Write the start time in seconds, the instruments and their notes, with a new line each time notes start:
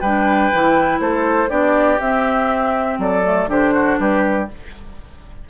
0.00 bassoon G3, clarinet D4, oboe B4, flute G5
0.52 bassoon E3, clarinet E4
1.00 bassoon A3, oboe A4, flute C5
1.49 bassoon B3, clarinet D4, oboe G4, flute D5
2.00 bassoon C4, clarinet C4, flute E5
2.98 bassoon F#3, oboe A4, flute D5
3.24 clarinet A3
3.46 bassoon D3, clarinet D4, oboe G4, flute C5
3.74 oboe F#4
3.99 bassoon G3, oboe G4, flute B4